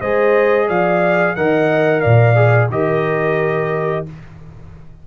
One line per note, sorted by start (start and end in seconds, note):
0.00 0.69 G#3
0.00 1.37 G#4
0.00 0.67 C5
0.00 0.69 D#5
0.68 1.36 F3
0.68 1.35 D5
0.68 1.36 F5
1.36 2.04 D#3
1.36 2.36 A#4
1.36 2.02 D#5
1.36 2.01 F#5
2.01 2.70 A#2
2.01 2.69 D5
2.01 2.68 F5
2.36 2.69 G#4
2.70 4.05 D#3
2.70 4.06 G4
2.70 4.07 A#4
2.70 4.06 D#5